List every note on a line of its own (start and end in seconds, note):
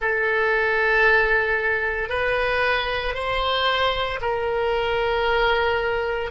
0.01 2.09 A4
2.09 3.14 B4
3.14 4.19 C5
4.21 6.30 A#4